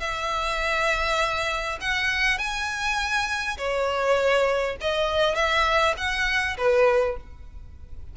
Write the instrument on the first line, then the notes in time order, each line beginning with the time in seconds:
violin
0.00 E5
1.81 F#5
2.38 G#5
3.57 C#5
4.81 D#5
5.35 E5
5.97 F#5
6.57 B4